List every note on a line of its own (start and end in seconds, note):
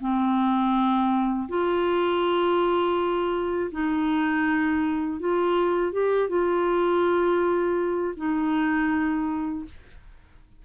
0.00 1.48 C4
1.48 3.71 F4
3.71 5.20 D#4
5.20 5.92 F4
5.92 6.29 G4
6.29 8.14 F4
8.16 9.65 D#4